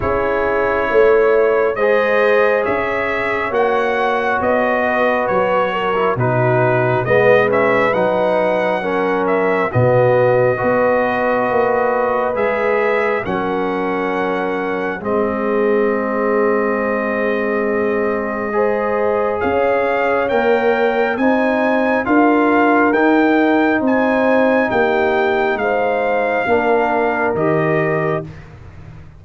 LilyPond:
<<
  \new Staff \with { instrumentName = "trumpet" } { \time 4/4 \tempo 4 = 68 cis''2 dis''4 e''4 | fis''4 dis''4 cis''4 b'4 | dis''8 e''8 fis''4. e''8 dis''4~ | dis''2 e''4 fis''4~ |
fis''4 dis''2.~ | dis''2 f''4 g''4 | gis''4 f''4 g''4 gis''4 | g''4 f''2 dis''4 | }
  \new Staff \with { instrumentName = "horn" } { \time 4/4 gis'4 cis''4 c''4 cis''4~ | cis''4. b'4 ais'8 fis'4 | b'2 ais'4 fis'4 | b'2. ais'4~ |
ais'4 gis'2.~ | gis'4 c''4 cis''2 | c''4 ais'2 c''4 | g'4 c''4 ais'2 | }
  \new Staff \with { instrumentName = "trombone" } { \time 4/4 e'2 gis'2 | fis'2~ fis'8. e'16 dis'4 | b8 cis'8 dis'4 cis'4 b4 | fis'2 gis'4 cis'4~ |
cis'4 c'2.~ | c'4 gis'2 ais'4 | dis'4 f'4 dis'2~ | dis'2 d'4 g'4 | }
  \new Staff \with { instrumentName = "tuba" } { \time 4/4 cis'4 a4 gis4 cis'4 | ais4 b4 fis4 b,4 | gis4 fis2 b,4 | b4 ais4 gis4 fis4~ |
fis4 gis2.~ | gis2 cis'4 ais4 | c'4 d'4 dis'4 c'4 | ais4 gis4 ais4 dis4 | }
>>